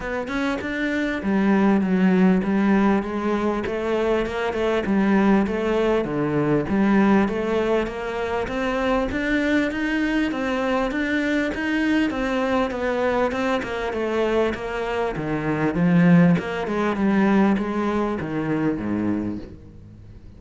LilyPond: \new Staff \with { instrumentName = "cello" } { \time 4/4 \tempo 4 = 99 b8 cis'8 d'4 g4 fis4 | g4 gis4 a4 ais8 a8 | g4 a4 d4 g4 | a4 ais4 c'4 d'4 |
dis'4 c'4 d'4 dis'4 | c'4 b4 c'8 ais8 a4 | ais4 dis4 f4 ais8 gis8 | g4 gis4 dis4 gis,4 | }